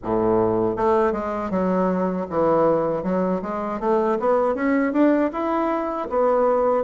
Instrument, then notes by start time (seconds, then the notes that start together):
bassoon
0.03 A2
0.76 A3
1.12 G#3
1.50 F#3
2.30 E3
3.03 F#3
3.42 G#3
3.80 A3
4.19 B3
4.54 C#4
4.92 D4
5.32 E4
6.09 B3